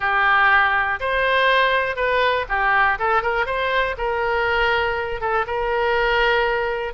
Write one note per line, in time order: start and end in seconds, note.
0.00 0.99 G4
0.99 1.95 C5
1.95 2.45 B4
2.49 2.98 G4
2.98 3.22 A4
3.22 3.46 A#4
3.46 3.95 C5
3.97 5.21 A#4
5.21 5.45 A4
5.46 6.93 A#4